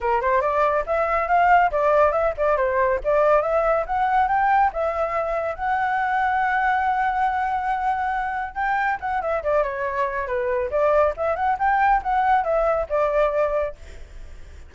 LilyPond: \new Staff \with { instrumentName = "flute" } { \time 4/4 \tempo 4 = 140 ais'8 c''8 d''4 e''4 f''4 | d''4 e''8 d''8 c''4 d''4 | e''4 fis''4 g''4 e''4~ | e''4 fis''2.~ |
fis''1 | g''4 fis''8 e''8 d''8 cis''4. | b'4 d''4 e''8 fis''8 g''4 | fis''4 e''4 d''2 | }